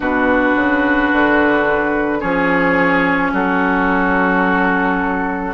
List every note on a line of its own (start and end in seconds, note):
0.00 0.55 B2
0.00 2.20 D4
0.00 2.18 F#4
0.00 2.20 B4
0.56 1.11 C#3
1.12 2.22 D3
2.20 3.32 F3
2.20 5.53 C#4
2.20 3.31 G#4
2.20 3.31 C#5
3.32 5.53 F#3
3.32 5.53 F#4
3.32 5.53 A4